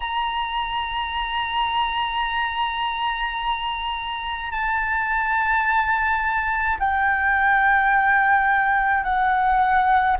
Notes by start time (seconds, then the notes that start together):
0.00 A#5
4.51 A5
6.79 G5
9.03 F#5